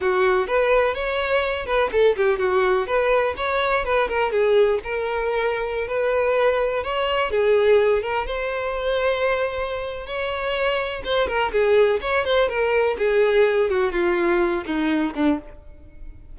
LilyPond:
\new Staff \with { instrumentName = "violin" } { \time 4/4 \tempo 4 = 125 fis'4 b'4 cis''4. b'8 | a'8 g'8 fis'4 b'4 cis''4 | b'8 ais'8 gis'4 ais'2~ | ais'16 b'2 cis''4 gis'8.~ |
gis'8. ais'8 c''2~ c''8.~ | c''4 cis''2 c''8 ais'8 | gis'4 cis''8 c''8 ais'4 gis'4~ | gis'8 fis'8 f'4. dis'4 d'8 | }